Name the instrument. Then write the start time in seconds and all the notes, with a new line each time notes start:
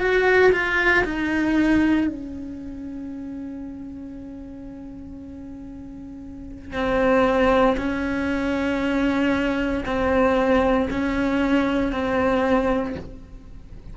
cello
0.00 F#4
0.53 F4
1.04 D#4
2.08 C#4
6.73 C4
7.77 C#4
9.86 C4
10.90 C#4
11.92 C4